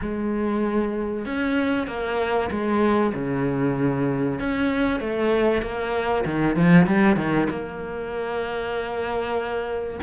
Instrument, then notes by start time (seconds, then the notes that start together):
cello
0.01 G#3
1.25 C#4
1.87 A#3
2.50 G#3
3.14 C#3
4.39 C#4
5.00 A3
5.61 A#3
6.25 D#3
6.55 F3
6.86 G3
7.16 D#3
7.50 A#3